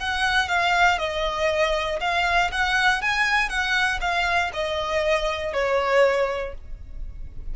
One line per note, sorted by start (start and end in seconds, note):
0.00 0.49 F#5
0.49 0.99 F5
0.99 2.00 D#5
2.01 2.51 F5
2.52 3.02 F#5
3.02 3.50 G#5
3.50 4.00 F#5
4.01 4.51 F5
4.54 5.53 D#5
5.53 6.54 C#5